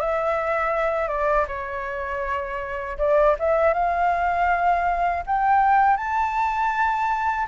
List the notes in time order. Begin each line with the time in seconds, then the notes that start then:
0.00 E5
1.08 D5
1.47 C#5
2.98 D5
3.39 E5
3.74 F5
5.26 G5
5.97 A5